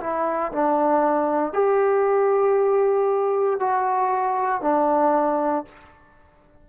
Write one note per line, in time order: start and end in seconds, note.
0.00 0.52 E4
0.52 1.53 D4
1.53 3.60 G4
3.60 4.61 F#4
4.61 5.65 D4